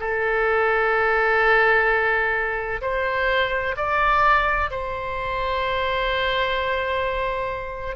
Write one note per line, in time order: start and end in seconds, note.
0.00 2.81 A4
2.82 3.75 C5
3.77 4.70 D5
4.71 7.96 C5